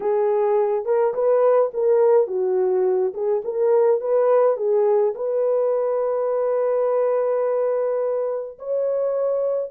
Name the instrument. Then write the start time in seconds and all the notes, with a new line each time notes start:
horn
0.00 G#4
0.85 A#4
1.14 B4
1.73 A#4
2.27 F#4
3.14 G#4
3.44 A#4
4.01 B4
4.56 G#4
5.15 B4
8.58 C#5